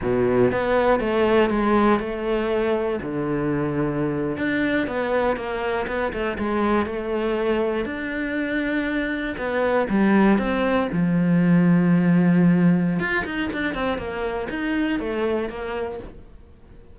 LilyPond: \new Staff \with { instrumentName = "cello" } { \time 4/4 \tempo 4 = 120 b,4 b4 a4 gis4 | a2 d2~ | d8. d'4 b4 ais4 b16~ | b16 a8 gis4 a2 d'16~ |
d'2~ d'8. b4 g16~ | g8. c'4 f2~ f16~ | f2 f'8 dis'8 d'8 c'8 | ais4 dis'4 a4 ais4 | }